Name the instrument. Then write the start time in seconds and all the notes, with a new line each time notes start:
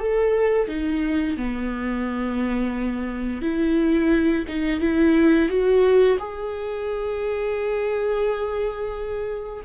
viola
0.00 A4
0.68 D#4
1.37 B3
3.42 E4
4.48 D#4
4.81 E4
5.49 F#4
6.19 G#4